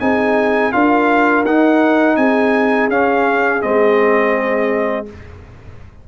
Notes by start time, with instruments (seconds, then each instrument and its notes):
0.00 tuba C4, trombone D#4, horn G#4, trumpet G#5
0.72 tuba D4, trombone F4, horn A#4, trumpet F5
1.44 tuba D#4, trombone D#4, trumpet F#5
2.16 tuba C4, horn G#4, trumpet G#5
2.88 tuba C#4, trombone C#4, trumpet F5
3.61 tuba G#3, trombone C4, trumpet D#5